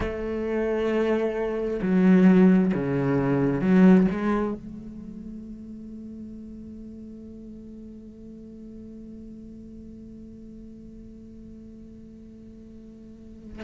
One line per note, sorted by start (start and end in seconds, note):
0.00 1.80 A3
1.81 2.72 F#3
2.74 3.61 C#3
3.61 4.07 F#3
4.11 4.54 G#3
4.54 13.63 A3